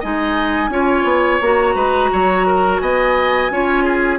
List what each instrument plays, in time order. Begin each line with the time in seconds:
0.00 bassoon G#3, clarinet D#4, oboe D#5, flute G#5
0.69 bassoon C#4, clarinet F4, oboe C#5
1.04 bassoon B3
1.41 bassoon A#3, clarinet F#4, flute A#5
1.75 bassoon G#3, oboe B4
2.12 bassoon F#3, oboe C#5
2.47 oboe A#4
2.79 bassoon B3, oboe D#5, flute G#5
3.50 bassoon C#4, clarinet F4, oboe C#5
3.84 oboe G#4